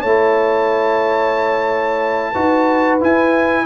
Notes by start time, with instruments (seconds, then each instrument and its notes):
0.00 tuba A3, trombone E4, horn C#5, trumpet A5
2.31 tuba D#4, trombone F#4, horn B4
3.00 trombone E4, tuba E4, trumpet G#5